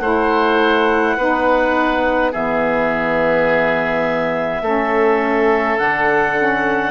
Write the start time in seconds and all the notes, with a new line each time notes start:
0.00 A3 E4 C5 F#5
1.17 B3 D#4 B4
2.32 E3 B3 G#4 E5
4.62 A3 C#4 A4
5.79 D3 D4 F#5
6.37 C#4